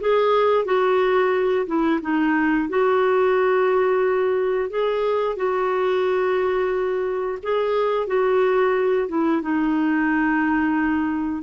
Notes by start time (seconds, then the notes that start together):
0.00 G#4
0.65 F#4
1.66 E4
2.01 D#4
2.69 F#4
4.69 G#4
5.36 F#4
7.42 G#4
8.07 F#4
9.08 E4
9.42 D#4